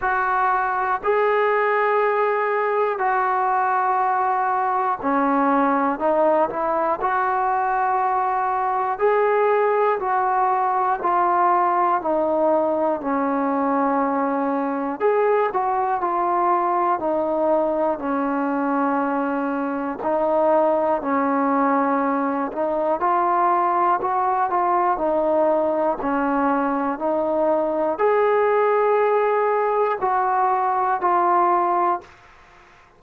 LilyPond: \new Staff \with { instrumentName = "trombone" } { \time 4/4 \tempo 4 = 60 fis'4 gis'2 fis'4~ | fis'4 cis'4 dis'8 e'8 fis'4~ | fis'4 gis'4 fis'4 f'4 | dis'4 cis'2 gis'8 fis'8 |
f'4 dis'4 cis'2 | dis'4 cis'4. dis'8 f'4 | fis'8 f'8 dis'4 cis'4 dis'4 | gis'2 fis'4 f'4 | }